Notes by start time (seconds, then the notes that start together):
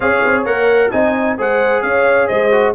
0.00 C#4 G#4 C#5 F5
0.24 C4
0.45 A#3 A#4 F#5
0.91 C4 D#4 D#5 G#5
1.38 G#3 G#4 C5 F#5
1.82 C#4 C#5 F5
2.27 G#3 C5 D#5
2.51 F#4